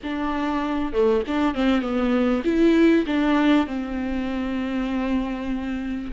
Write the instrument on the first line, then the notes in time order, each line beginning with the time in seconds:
viola
0.03 D4
0.92 A3
1.27 D4
1.54 C4
1.81 B3
2.44 E4
3.06 D4
3.66 C4